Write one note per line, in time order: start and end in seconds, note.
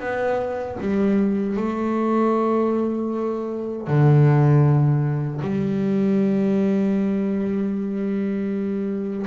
0.00 0.77 B3
0.81 1.57 G3
1.57 3.87 A3
3.87 5.41 D3
5.41 9.26 G3